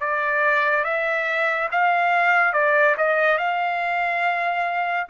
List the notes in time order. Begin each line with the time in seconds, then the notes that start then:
0.00 D5
0.85 E5
1.72 F5
2.53 D5
2.97 D#5
3.38 F5